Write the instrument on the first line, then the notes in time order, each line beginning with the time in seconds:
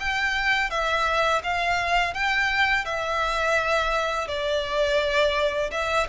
violin
0.00 G5
0.71 E5
1.44 F5
2.14 G5
2.85 E5
4.28 D5
5.71 E5